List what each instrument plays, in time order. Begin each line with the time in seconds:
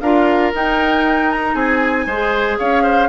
0.00 bassoon D4, clarinet F4, oboe A#4, flute F5
0.54 bassoon D#4, clarinet D#4, flute G5
1.31 flute A#5
1.54 bassoon C4, oboe G#4, flute G#5
2.06 bassoon G#3, clarinet G#4, oboe C5
2.58 bassoon C#4, oboe C#5, flute F5
2.83 oboe C5